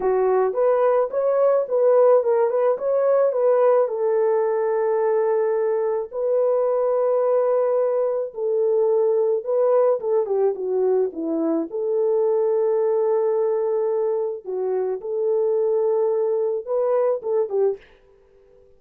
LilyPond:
\new Staff \with { instrumentName = "horn" } { \time 4/4 \tempo 4 = 108 fis'4 b'4 cis''4 b'4 | ais'8 b'8 cis''4 b'4 a'4~ | a'2. b'4~ | b'2. a'4~ |
a'4 b'4 a'8 g'8 fis'4 | e'4 a'2.~ | a'2 fis'4 a'4~ | a'2 b'4 a'8 g'8 | }